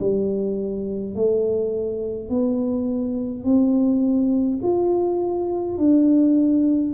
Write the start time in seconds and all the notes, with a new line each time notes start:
0.00 G3
1.15 A3
2.29 B3
3.44 C4
4.63 F4
5.78 D4